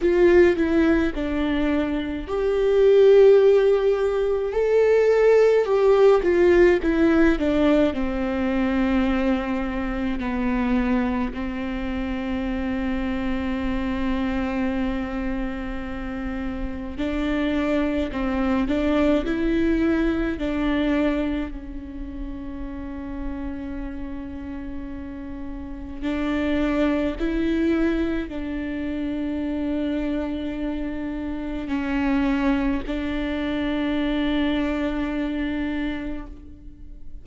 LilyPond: \new Staff \with { instrumentName = "viola" } { \time 4/4 \tempo 4 = 53 f'8 e'8 d'4 g'2 | a'4 g'8 f'8 e'8 d'8 c'4~ | c'4 b4 c'2~ | c'2. d'4 |
c'8 d'8 e'4 d'4 cis'4~ | cis'2. d'4 | e'4 d'2. | cis'4 d'2. | }